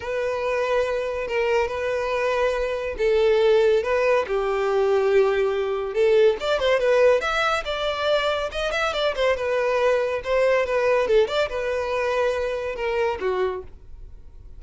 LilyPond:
\new Staff \with { instrumentName = "violin" } { \time 4/4 \tempo 4 = 141 b'2. ais'4 | b'2. a'4~ | a'4 b'4 g'2~ | g'2 a'4 d''8 c''8 |
b'4 e''4 d''2 | dis''8 e''8 d''8 c''8 b'2 | c''4 b'4 a'8 d''8 b'4~ | b'2 ais'4 fis'4 | }